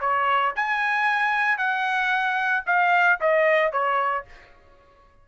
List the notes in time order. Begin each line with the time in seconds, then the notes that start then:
0.00 C#5
0.56 G#5
1.57 F#5
2.66 F5
3.21 D#5
3.72 C#5